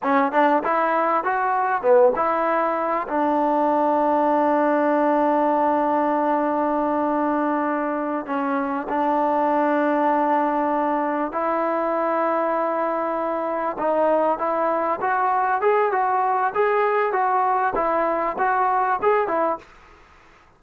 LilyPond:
\new Staff \with { instrumentName = "trombone" } { \time 4/4 \tempo 4 = 98 cis'8 d'8 e'4 fis'4 b8 e'8~ | e'4 d'2.~ | d'1~ | d'4. cis'4 d'4.~ |
d'2~ d'8 e'4.~ | e'2~ e'8 dis'4 e'8~ | e'8 fis'4 gis'8 fis'4 gis'4 | fis'4 e'4 fis'4 gis'8 e'8 | }